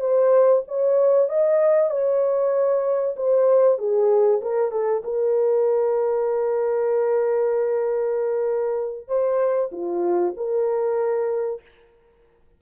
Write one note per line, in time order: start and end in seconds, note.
0.00 0.62 C5
0.68 1.29 C#5
1.29 1.90 D#5
1.90 3.15 C#5
3.16 3.78 C5
3.78 4.40 G#4
4.41 4.71 A#4
4.71 5.02 A4
5.04 9.07 A#4
9.07 9.70 C5
9.72 10.34 F4
10.36 11.61 A#4